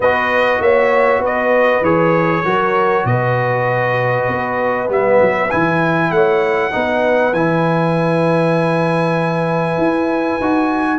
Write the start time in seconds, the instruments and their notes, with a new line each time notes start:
0.00 tuba B3, trombone F#4, horn B4, trumpet D#5
0.60 tuba A#3, horn C#5, trumpet E5
1.19 tuba B3, horn B4, trumpet D#5
1.81 tuba E3, trombone G#4, trumpet C#5
2.44 tuba F#3, trombone F#4, horn A#4
3.04 tuba B2, horn B4, trumpet D#5
4.27 tuba B3
4.88 tuba G3, trombone B3, trumpet E5
5.21 tuba F#3
5.51 tuba E3, trombone E4, trumpet G#5
6.10 tuba A3, horn C#5, trumpet F#5
6.71 tuba B3, trombone D#4, horn B4
7.33 tuba E3, trombone E4, trumpet G#5
9.77 tuba E4
10.40 tuba D#4, trombone F#4